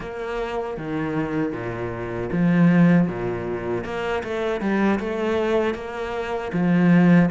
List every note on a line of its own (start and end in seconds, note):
0.00 0.77 A#3
0.77 1.52 D#3
1.52 2.29 A#2
2.32 3.08 F3
3.08 3.84 A#2
3.84 4.23 A#3
4.23 4.60 A3
4.60 4.99 G3
4.99 5.74 A3
5.74 6.51 A#3
6.52 7.29 F3